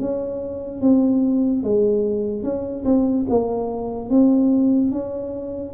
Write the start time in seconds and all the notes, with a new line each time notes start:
0.00 C#4
0.81 C4
1.63 G#3
2.43 C#4
2.85 C4
3.30 A#3
4.10 C4
4.92 C#4